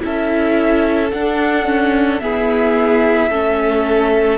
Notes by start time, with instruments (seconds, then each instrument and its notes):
0.00 cello C#4, viola E4, violin A4 E5
1.12 cello D4, viola D4, violin F#5
1.66 viola C#4
2.20 viola B3, cello E4, violin G#4 E5
3.31 cello A3, viola C#4, violin A4